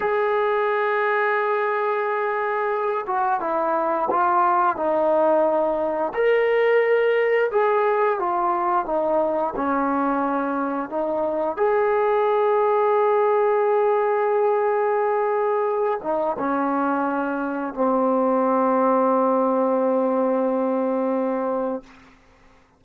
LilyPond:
\new Staff \with { instrumentName = "trombone" } { \time 4/4 \tempo 4 = 88 gis'1~ | gis'8 fis'8 e'4 f'4 dis'4~ | dis'4 ais'2 gis'4 | f'4 dis'4 cis'2 |
dis'4 gis'2.~ | gis'2.~ gis'8 dis'8 | cis'2 c'2~ | c'1 | }